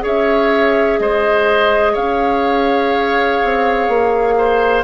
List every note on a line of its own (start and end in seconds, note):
0.00 0.99 C#4
0.00 4.83 G#4
0.00 0.99 C#5
0.00 0.99 E5
0.99 1.96 G#3
0.99 1.92 C5
0.99 1.95 D#5
1.92 3.41 C#4
1.92 4.34 C#5
1.92 4.83 F5
3.43 3.88 C4
3.88 4.83 A#3
4.37 4.83 C5